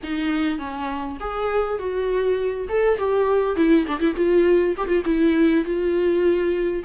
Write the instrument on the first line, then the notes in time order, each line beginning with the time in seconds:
viola
0.03 D#4
0.58 C#4
1.19 G#4
1.78 F#4
2.69 A4
2.97 G4
3.56 E4
3.87 D4
3.99 E4
4.16 F4
4.77 G4
4.87 F4
5.05 E4
5.64 F4